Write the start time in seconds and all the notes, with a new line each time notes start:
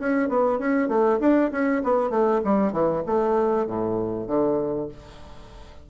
0.00 C#4
0.29 B3
0.60 C#4
0.89 A3
1.21 D4
1.52 C#4
1.84 B3
2.11 A3
2.45 G3
2.73 E3
3.07 A3
3.67 A2
4.28 D3